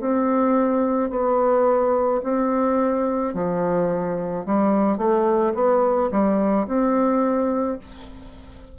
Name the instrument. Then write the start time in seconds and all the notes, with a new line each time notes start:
bassoon
0.00 C4
1.10 B3
2.23 C4
3.34 F3
4.45 G3
4.97 A3
5.54 B3
6.11 G3
6.67 C4